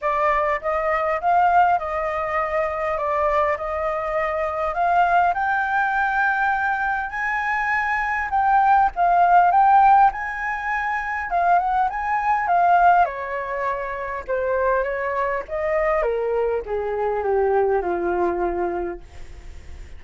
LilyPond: \new Staff \with { instrumentName = "flute" } { \time 4/4 \tempo 4 = 101 d''4 dis''4 f''4 dis''4~ | dis''4 d''4 dis''2 | f''4 g''2. | gis''2 g''4 f''4 |
g''4 gis''2 f''8 fis''8 | gis''4 f''4 cis''2 | c''4 cis''4 dis''4 ais'4 | gis'4 g'4 f'2 | }